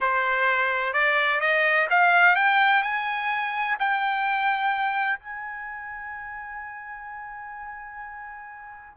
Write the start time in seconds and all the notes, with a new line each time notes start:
0.00 C5
0.93 D5
1.40 D#5
1.89 F5
2.35 G5
2.82 G#5
3.79 G5
5.19 G#5